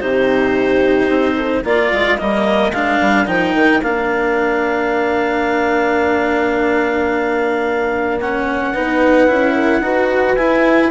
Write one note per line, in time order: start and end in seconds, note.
0.00 1.10 C3
0.00 1.65 D#4
0.00 1.37 G4
0.00 1.64 C5
1.10 1.64 C4
1.37 1.63 A4
1.63 1.92 A#3
1.63 2.18 F4
1.63 8.72 A#4
1.63 2.18 D5
1.92 2.20 G#3
2.18 2.72 G3
2.18 2.73 A#3
2.18 2.73 D#5
2.72 2.99 G#3
2.72 3.27 D4
2.72 3.27 F5
3.01 3.27 G3
3.27 3.55 F3
3.27 3.81 D#4
3.27 3.82 G5
3.55 3.82 D#3
3.83 8.74 A#3
3.83 8.20 D4
3.83 8.19 F5
8.21 8.75 C#4
8.21 10.36 F#5
8.73 9.29 B3
8.73 9.28 D#4
8.73 9.55 B4
9.28 9.81 C#4
9.28 9.82 E4
9.56 9.83 A#4
9.81 10.36 D#4
9.81 10.37 F#4
9.81 10.91 B4
10.36 10.90 E4
10.36 10.91 E4
10.36 10.90 G#5